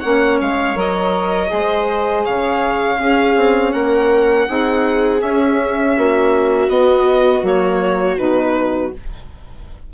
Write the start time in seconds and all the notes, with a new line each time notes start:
0.00 A#3 C#4 C#5 F#5
0.41 G#3 F5
0.74 F#3 A#4 D#5
1.47 G#3 G#4
1.54 C5
2.25 C#3 C#5 F5
2.99 C#4 G#4
3.36 C4
3.72 A#3 A#4 F#5
4.48 C4 D#4 G#4
5.18 C#4 E5
5.97 A#3 F#4
6.68 B3 D#5
7.42 F#3 A#3 C#5
8.17 B2 D#4 B4